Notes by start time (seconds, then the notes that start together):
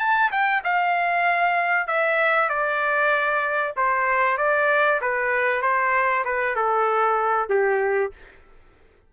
0.00 A5
0.32 G5
0.64 F5
1.88 E5
2.49 D5
3.77 C5
4.38 D5
5.01 B4
5.62 C5
6.25 B4
6.56 A4
7.50 G4